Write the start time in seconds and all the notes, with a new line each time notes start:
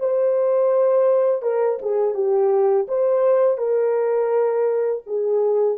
0.00 C5
1.42 A#4
1.82 G#4
2.15 G4
2.88 C5
3.58 A#4
5.07 G#4